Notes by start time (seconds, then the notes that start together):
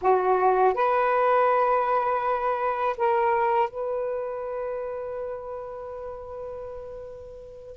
0.01 F#4
0.74 B4
2.97 A#4
3.69 B4